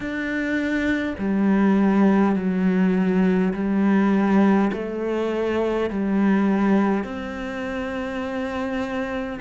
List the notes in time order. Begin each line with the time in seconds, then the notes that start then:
0.00 D4
1.18 G3
2.35 F#3
3.53 G3
4.73 A3
5.89 G3
7.03 C4